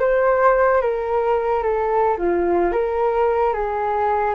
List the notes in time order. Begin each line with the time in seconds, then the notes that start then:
0.00 C5
0.82 A#4
1.63 A4
2.18 F4
2.72 A#4
3.54 G#4